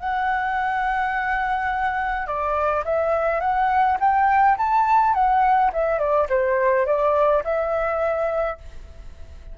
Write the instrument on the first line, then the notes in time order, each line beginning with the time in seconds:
flute
0.00 F#5
2.27 D5
2.85 E5
3.41 F#5
4.00 G5
4.58 A5
5.15 F#5
5.73 E5
5.99 D5
6.30 C5
6.86 D5
7.44 E5